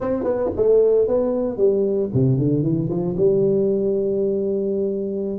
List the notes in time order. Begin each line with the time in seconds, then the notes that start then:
0.00 C4
0.23 B3
0.56 A3
1.07 B3
1.57 G3
2.13 C3
2.38 D3
2.62 E3
2.89 F3
3.17 G3